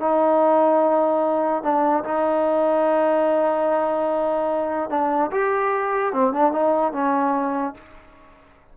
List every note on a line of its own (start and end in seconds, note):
0.00 1.63 D#4
1.63 2.04 D4
2.04 4.90 D#4
4.90 5.31 D4
5.32 6.13 G4
6.13 6.33 C4
6.33 6.52 D4
6.52 6.93 D#4
6.93 7.74 C#4